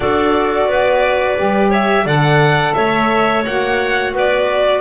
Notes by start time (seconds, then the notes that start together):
0.00 D4 F#4 A4 D5
0.66 B3 B4
1.37 G3 G4
1.70 C#5 E5
2.05 D3 A4 D5 F#5
2.74 A3 C#5 E5
3.45 A#3 F#4 F#5
4.13 B3 B4 D5